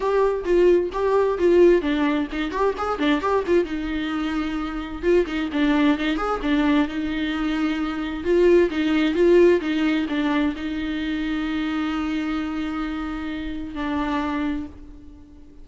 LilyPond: \new Staff \with { instrumentName = "viola" } { \time 4/4 \tempo 4 = 131 g'4 f'4 g'4 f'4 | d'4 dis'8 g'8 gis'8 d'8 g'8 f'8 | dis'2. f'8 dis'8 | d'4 dis'8 gis'8 d'4 dis'4~ |
dis'2 f'4 dis'4 | f'4 dis'4 d'4 dis'4~ | dis'1~ | dis'2 d'2 | }